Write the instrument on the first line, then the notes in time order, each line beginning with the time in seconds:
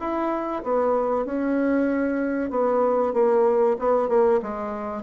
bassoon
0.00 E4
0.64 B3
1.26 C#4
2.51 B3
3.14 A#3
3.80 B3
4.09 A#3
4.43 G#3